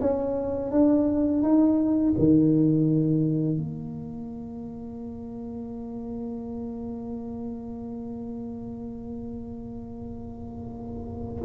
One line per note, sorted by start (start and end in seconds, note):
0.00 0.71 C#4
0.71 1.42 D4
1.42 2.14 D#4
2.18 3.57 D#3
3.57 11.43 A#3